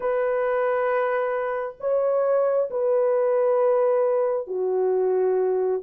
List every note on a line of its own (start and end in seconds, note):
0.00 1.75 B4
1.80 2.69 C#5
2.70 4.47 B4
4.47 5.81 F#4